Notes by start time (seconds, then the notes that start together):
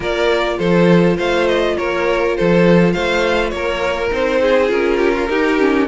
0.00 A#3 F4 A#4 D5
0.58 F3 A4 C5
1.16 A3 C5 F5
1.47 D#5
1.77 A#3 A#4 C#5
2.36 F3 A4 C5
2.92 A3 C5 F5
3.50 A#3 A#4 C#5
4.10 C4 D#4 C5
4.41 G#4
4.67 C#4 F4 A#4
4.97 G4
5.12 F4
5.29 D#4 G4
5.59 C#4